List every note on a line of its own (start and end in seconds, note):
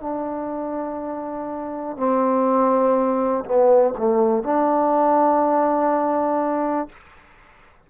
0.00 1.97 D4
1.97 3.44 C4
3.45 3.94 B3
3.97 4.43 A3
4.43 6.89 D4